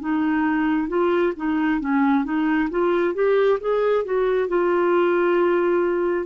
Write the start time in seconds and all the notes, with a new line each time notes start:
0.00 D#4
0.88 F4
1.36 D#4
1.80 C#4
2.24 D#4
2.70 F4
3.14 G4
3.60 G#4
4.04 F#4
4.48 F4